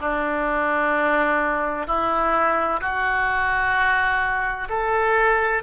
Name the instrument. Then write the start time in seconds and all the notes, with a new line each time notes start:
oboe
0.00 D4
1.87 E4
2.81 F#4
4.69 A4